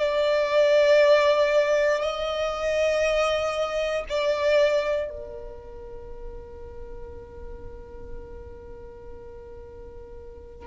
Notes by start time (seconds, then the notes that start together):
0.00 D5
2.02 D#5
4.09 D5
5.10 A#4